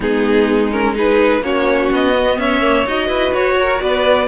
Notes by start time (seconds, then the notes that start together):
0.00 G#3 B3 D#4 G#4
0.71 C#4 A#4
0.94 D#4 G#4 B4
1.41 A#3 C#4 F#4 C#5
1.92 B3 D#5
2.13 B3
2.37 C#4 C#5 E5
2.61 A#3
2.85 D#4 F#4 D#5
3.07 E4 B4
3.34 F#4 C#5
3.59 A#4
3.81 B3 B4 D5